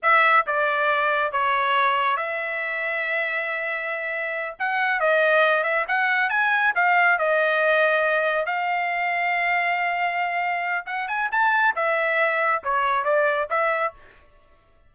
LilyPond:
\new Staff \with { instrumentName = "trumpet" } { \time 4/4 \tempo 4 = 138 e''4 d''2 cis''4~ | cis''4 e''2.~ | e''2~ e''8 fis''4 dis''8~ | dis''4 e''8 fis''4 gis''4 f''8~ |
f''8 dis''2. f''8~ | f''1~ | f''4 fis''8 gis''8 a''4 e''4~ | e''4 cis''4 d''4 e''4 | }